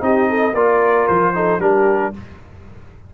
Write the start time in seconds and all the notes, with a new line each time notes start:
0.00 C4 D#4 G4 D#5
0.30 A4
0.54 A#3 F4 A#4 D5
1.08 F3 C5
1.34 D#4 A4
1.59 G3 D4 G4 A#4